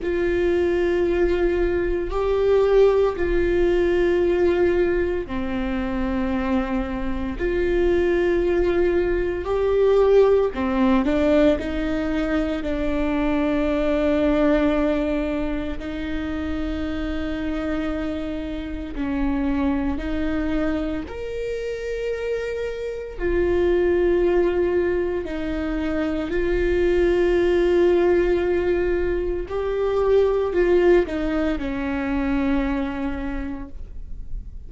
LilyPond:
\new Staff \with { instrumentName = "viola" } { \time 4/4 \tempo 4 = 57 f'2 g'4 f'4~ | f'4 c'2 f'4~ | f'4 g'4 c'8 d'8 dis'4 | d'2. dis'4~ |
dis'2 cis'4 dis'4 | ais'2 f'2 | dis'4 f'2. | g'4 f'8 dis'8 cis'2 | }